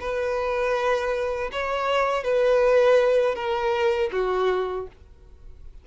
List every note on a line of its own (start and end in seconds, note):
0.00 1.50 B4
1.52 2.23 C#5
2.23 3.35 B4
3.35 4.10 A#4
4.12 4.87 F#4